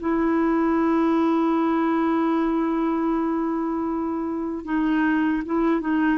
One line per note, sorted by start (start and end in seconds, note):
0.00 4.65 E4
4.65 5.43 D#4
5.46 5.81 E4
5.81 6.18 D#4